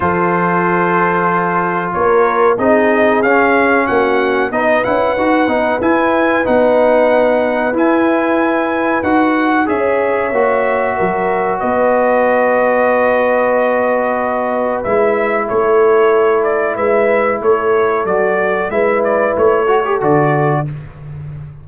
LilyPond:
<<
  \new Staff \with { instrumentName = "trumpet" } { \time 4/4 \tempo 4 = 93 c''2. cis''4 | dis''4 f''4 fis''4 dis''8 fis''8~ | fis''4 gis''4 fis''2 | gis''2 fis''4 e''4~ |
e''2 dis''2~ | dis''2. e''4 | cis''4. d''8 e''4 cis''4 | d''4 e''8 d''8 cis''4 d''4 | }
  \new Staff \with { instrumentName = "horn" } { \time 4/4 a'2. ais'4 | gis'2 fis'4 b'4~ | b'1~ | b'2. cis''4~ |
cis''4 ais'4 b'2~ | b'1 | a'2 b'4 a'4~ | a'4 b'4. a'4. | }
  \new Staff \with { instrumentName = "trombone" } { \time 4/4 f'1 | dis'4 cis'2 dis'8 e'8 | fis'8 dis'8 e'4 dis'2 | e'2 fis'4 gis'4 |
fis'1~ | fis'2. e'4~ | e'1 | fis'4 e'4. fis'16 g'16 fis'4 | }
  \new Staff \with { instrumentName = "tuba" } { \time 4/4 f2. ais4 | c'4 cis'4 ais4 b8 cis'8 | dis'8 b8 e'4 b2 | e'2 dis'4 cis'4 |
ais4 fis4 b2~ | b2. gis4 | a2 gis4 a4 | fis4 gis4 a4 d4 | }
>>